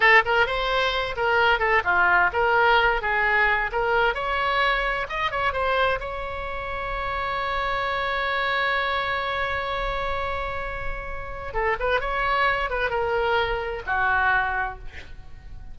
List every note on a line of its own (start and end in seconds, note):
0.00 0.22 A4
0.25 0.46 A#4
0.46 1.15 C5
1.16 1.59 A#4
1.59 1.82 A4
1.84 2.30 F4
2.32 3.01 A#4
3.01 3.70 G#4
3.72 4.14 A#4
4.14 5.06 C#5
5.09 5.31 D#5
5.31 5.53 C#5
5.53 5.99 C5
6.00 11.53 C#5
11.53 11.76 A4
11.79 12.00 B4
12.00 12.69 C#5
12.69 12.90 B4
12.90 13.82 A#4
13.86 14.78 F#4